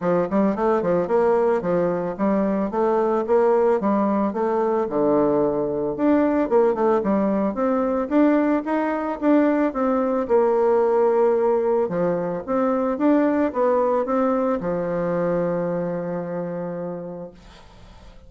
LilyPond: \new Staff \with { instrumentName = "bassoon" } { \time 4/4 \tempo 4 = 111 f8 g8 a8 f8 ais4 f4 | g4 a4 ais4 g4 | a4 d2 d'4 | ais8 a8 g4 c'4 d'4 |
dis'4 d'4 c'4 ais4~ | ais2 f4 c'4 | d'4 b4 c'4 f4~ | f1 | }